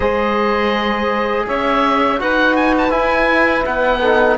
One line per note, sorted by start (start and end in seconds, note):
0.00 1.46 G#3
0.00 2.18 G#4
0.00 1.45 C5
0.00 1.46 D#5
1.46 2.20 C#4
1.46 2.19 C#5
1.46 2.20 E5
2.18 2.91 D#4
2.18 2.90 F#4
2.18 4.00 B4
2.18 2.55 F#5
2.55 2.73 G#5
2.77 2.91 A5
2.90 4.00 E4
2.90 3.64 E4
2.90 3.64 G#5
3.65 4.37 B3
3.65 4.37 F#5
4.00 4.37 D#4
4.00 4.37 A4